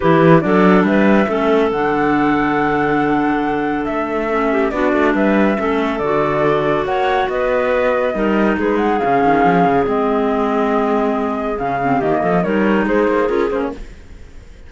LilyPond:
<<
  \new Staff \with { instrumentName = "flute" } { \time 4/4 \tempo 4 = 140 b'4 d''4 e''2 | fis''1~ | fis''4 e''2 d''4 | e''2 d''2 |
fis''4 dis''2. | b'8 fis''8 f''2 dis''4~ | dis''2. f''4 | dis''4 cis''4 c''4 ais'8 c''16 cis''16 | }
  \new Staff \with { instrumentName = "clarinet" } { \time 4/4 g'4 a'4 b'4 a'4~ | a'1~ | a'2~ a'8 g'8 fis'4 | b'4 a'2. |
cis''4 b'2 ais'4 | gis'1~ | gis'1 | g'8 a'8 ais'4 gis'2 | }
  \new Staff \with { instrumentName = "clarinet" } { \time 4/4 e'4 d'2 cis'4 | d'1~ | d'2 cis'4 d'4~ | d'4 cis'4 fis'2~ |
fis'2. dis'4~ | dis'4 cis'2 c'4~ | c'2. cis'8 c'8 | ais4 dis'2 f'8 cis'8 | }
  \new Staff \with { instrumentName = "cello" } { \time 4/4 e4 fis4 g4 a4 | d1~ | d4 a2 b8 a8 | g4 a4 d2 |
ais4 b2 g4 | gis4 cis8 dis8 f8 cis8 gis4~ | gis2. cis4 | dis8 f8 g4 gis8 ais8 cis'8 ais8 | }
>>